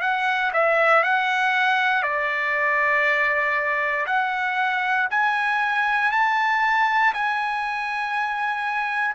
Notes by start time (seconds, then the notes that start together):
0.00 F#5
0.53 E5
1.03 F#5
2.02 D5
4.06 F#5
5.10 G#5
6.11 A5
7.13 G#5